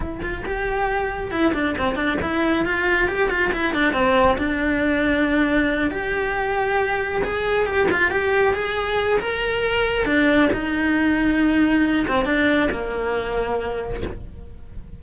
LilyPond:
\new Staff \with { instrumentName = "cello" } { \time 4/4 \tempo 4 = 137 e'8 f'8 g'2 e'8 d'8 | c'8 d'8 e'4 f'4 g'8 f'8 | e'8 d'8 c'4 d'2~ | d'4. g'2~ g'8~ |
g'8 gis'4 g'8 f'8 g'4 gis'8~ | gis'4 ais'2 d'4 | dis'2.~ dis'8 c'8 | d'4 ais2. | }